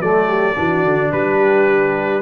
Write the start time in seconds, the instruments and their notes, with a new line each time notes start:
0.00 tuba F#3, trombone A3, horn A4, trumpet D5
0.28 horn G4
0.55 tuba E3, trombone D4, horn F#4
0.84 tuba D3
1.12 tuba G3, horn G4, trumpet B4